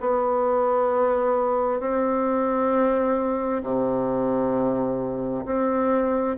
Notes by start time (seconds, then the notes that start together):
0.00 B3
1.80 C4
3.63 C3
5.45 C4